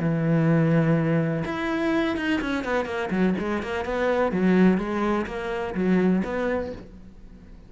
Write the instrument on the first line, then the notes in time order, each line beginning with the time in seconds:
cello
0.00 E3
1.45 E4
2.17 D#4
2.42 C#4
2.64 B3
2.86 A#3
3.11 F#3
3.39 G#3
3.63 A#3
3.85 B3
4.32 F#3
4.78 G#3
5.27 A#3
5.75 F#3
6.25 B3